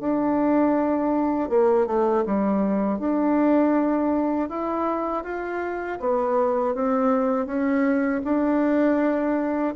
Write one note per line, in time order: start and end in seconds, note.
0.00 1.50 D4
1.50 1.87 A#3
1.87 2.25 A3
2.26 2.99 G3
2.99 4.49 D4
4.49 5.24 E4
5.24 5.99 F4
6.00 6.75 B3
6.75 7.47 C4
7.47 8.22 C#4
8.25 9.75 D4